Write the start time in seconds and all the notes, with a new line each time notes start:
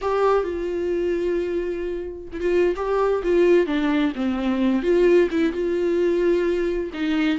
0.01 G4
0.43 F4
2.32 E4
2.40 F4
2.76 G4
3.23 F4
3.66 D4
4.15 C4
4.82 F4
5.31 E4
5.52 F4
6.93 D#4